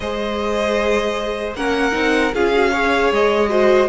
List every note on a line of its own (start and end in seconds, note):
0.00 1.54 G#3
0.00 1.57 G#4
0.00 1.56 C5
0.00 1.53 D#5
1.54 1.93 A#3
1.54 1.92 C#4
1.54 2.34 A#4
1.54 2.34 F#5
1.92 2.33 C4
1.92 2.31 D#4
2.34 3.11 C#4
2.34 2.52 F4
2.34 2.71 G#4
2.34 3.12 F5
2.52 2.72 F#4
2.71 3.48 G#4
2.71 3.49 C#5
3.11 3.89 G#3
3.11 3.89 D#5
3.48 3.87 F#4
3.48 3.89 C5